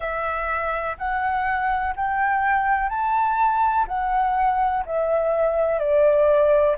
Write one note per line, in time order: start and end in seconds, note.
0.00 0.97 E5
0.98 1.94 F#5
1.96 2.89 G5
2.89 3.85 A5
3.87 4.84 F#5
4.85 5.79 E5
5.79 6.76 D5